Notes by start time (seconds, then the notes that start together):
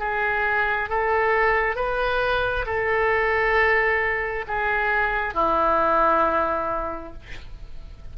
0.00 G#4
0.90 A4
1.76 B4
2.66 A4
4.48 G#4
5.34 E4